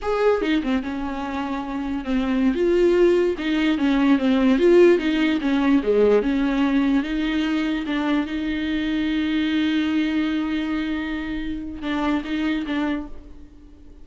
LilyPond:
\new Staff \with { instrumentName = "viola" } { \time 4/4 \tempo 4 = 147 gis'4 dis'8 c'8 cis'2~ | cis'4 c'4~ c'16 f'4.~ f'16~ | f'16 dis'4 cis'4 c'4 f'8.~ | f'16 dis'4 cis'4 gis4 cis'8.~ |
cis'4~ cis'16 dis'2 d'8.~ | d'16 dis'2.~ dis'8.~ | dis'1~ | dis'4 d'4 dis'4 d'4 | }